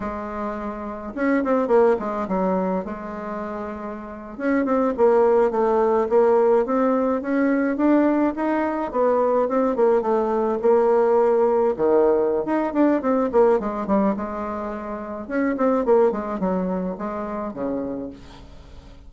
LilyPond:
\new Staff \with { instrumentName = "bassoon" } { \time 4/4 \tempo 4 = 106 gis2 cis'8 c'8 ais8 gis8 | fis4 gis2~ gis8. cis'16~ | cis'16 c'8 ais4 a4 ais4 c'16~ | c'8. cis'4 d'4 dis'4 b16~ |
b8. c'8 ais8 a4 ais4~ ais16~ | ais8. dis4~ dis16 dis'8 d'8 c'8 ais8 | gis8 g8 gis2 cis'8 c'8 | ais8 gis8 fis4 gis4 cis4 | }